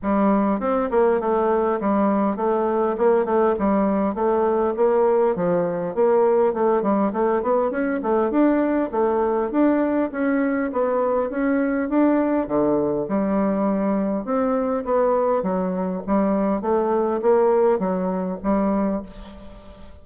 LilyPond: \new Staff \with { instrumentName = "bassoon" } { \time 4/4 \tempo 4 = 101 g4 c'8 ais8 a4 g4 | a4 ais8 a8 g4 a4 | ais4 f4 ais4 a8 g8 | a8 b8 cis'8 a8 d'4 a4 |
d'4 cis'4 b4 cis'4 | d'4 d4 g2 | c'4 b4 fis4 g4 | a4 ais4 fis4 g4 | }